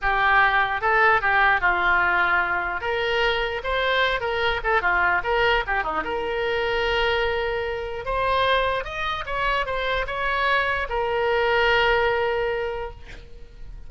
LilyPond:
\new Staff \with { instrumentName = "oboe" } { \time 4/4 \tempo 4 = 149 g'2 a'4 g'4 | f'2. ais'4~ | ais'4 c''4. ais'4 a'8 | f'4 ais'4 g'8 dis'8 ais'4~ |
ais'1 | c''2 dis''4 cis''4 | c''4 cis''2 ais'4~ | ais'1 | }